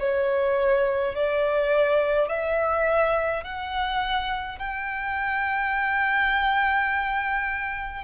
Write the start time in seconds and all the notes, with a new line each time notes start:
0.00 C#5
1.15 D5
2.29 E5
3.45 F#5
4.59 G5